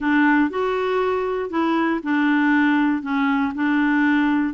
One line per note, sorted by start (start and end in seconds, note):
0.00 0.50 D4
0.50 1.50 F#4
1.50 2.00 E4
2.03 3.02 D4
3.02 3.52 C#4
3.55 4.54 D4